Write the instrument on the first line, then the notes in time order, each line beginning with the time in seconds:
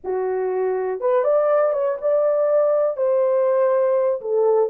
horn
0.04 F#4
1.00 B4
1.24 D5
1.72 C#5
2.01 D5
2.96 C5
4.21 A4